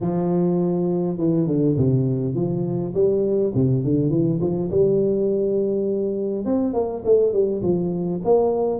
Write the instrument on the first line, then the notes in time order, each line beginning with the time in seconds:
tuba
0.00 F3
1.17 E3
1.46 D3
1.77 C3
2.34 F3
2.94 G3
3.55 C3
3.84 D3
4.10 E3
4.41 F3
4.70 G3
6.45 C4
6.73 A#3
7.04 A3
7.32 G3
7.62 F3
8.24 A#3